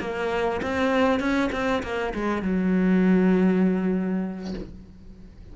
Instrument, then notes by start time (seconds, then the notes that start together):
cello
0.00 A#3
0.62 C4
1.20 C#4
1.52 C4
1.83 A#3
2.14 G#3
2.42 F#3